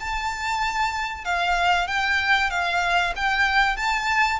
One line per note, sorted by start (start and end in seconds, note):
0.00 1.25 A5
1.25 1.88 F5
1.88 2.51 G5
2.51 3.14 F5
3.16 3.77 G5
3.77 4.40 A5